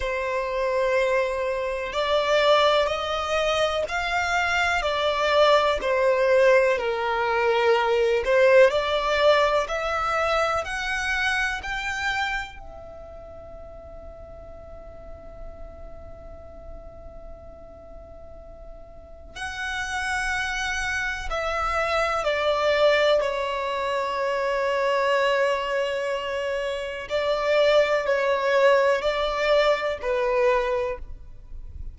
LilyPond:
\new Staff \with { instrumentName = "violin" } { \time 4/4 \tempo 4 = 62 c''2 d''4 dis''4 | f''4 d''4 c''4 ais'4~ | ais'8 c''8 d''4 e''4 fis''4 | g''4 e''2.~ |
e''1 | fis''2 e''4 d''4 | cis''1 | d''4 cis''4 d''4 b'4 | }